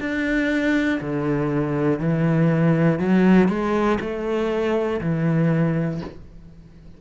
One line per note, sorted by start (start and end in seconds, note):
0.00 1.00 D4
1.00 1.99 D3
1.99 2.99 E3
2.99 3.49 F#3
3.49 3.99 G#3
4.01 5.01 A3
5.01 6.01 E3